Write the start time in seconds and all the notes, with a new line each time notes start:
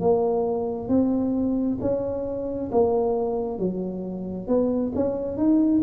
0.00 A#3
0.88 C4
1.80 C#4
2.71 A#3
3.58 F#3
4.47 B3
4.95 C#4
5.36 D#4